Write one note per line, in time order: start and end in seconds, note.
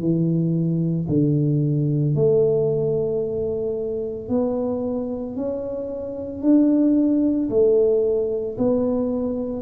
0.00 1.07 E3
1.08 2.15 D3
2.15 4.29 A3
4.29 5.36 B3
5.36 6.42 C#4
6.42 7.49 D4
7.49 8.56 A3
8.58 9.62 B3